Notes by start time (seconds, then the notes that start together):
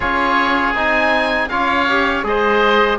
0.00 C#4 F4 G#4 C#5
0.74 C4 D#4 G#5
1.49 C#4 F4 C#5 F5
1.88 G4
2.23 G#3 G#4 C5 D#5